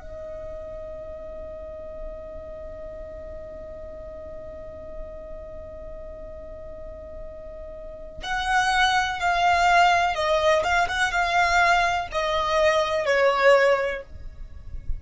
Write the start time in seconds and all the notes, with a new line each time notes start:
0.00 D#5
8.23 F#5
9.20 F5
10.15 D#5
10.64 F5
10.88 F#5
11.12 F5
12.12 D#5
13.06 C#5